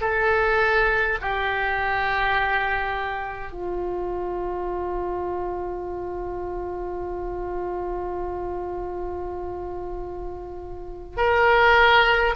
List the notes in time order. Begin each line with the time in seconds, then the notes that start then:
0.00 A4
1.21 G4
3.52 F4
11.17 A#4